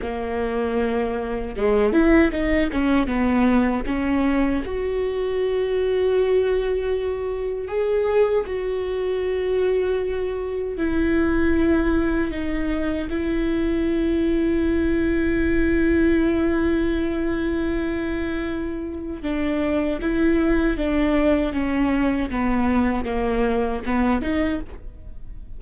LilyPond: \new Staff \with { instrumentName = "viola" } { \time 4/4 \tempo 4 = 78 ais2 gis8 e'8 dis'8 cis'8 | b4 cis'4 fis'2~ | fis'2 gis'4 fis'4~ | fis'2 e'2 |
dis'4 e'2.~ | e'1~ | e'4 d'4 e'4 d'4 | cis'4 b4 ais4 b8 dis'8 | }